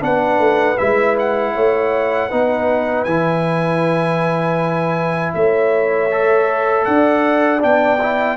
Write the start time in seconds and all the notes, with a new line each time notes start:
0.00 B3 D4 B4 F#5
0.39 A3
0.78 G#3 E4 E5
1.18 F#5
1.54 A3 C#5
2.29 B3 D#4 B4
3.04 E3 E4 G#5
5.34 A3 C#5 E5
6.10 A4
6.84 D4 D5 F#5
7.59 B3 D4 G5
8.02 E4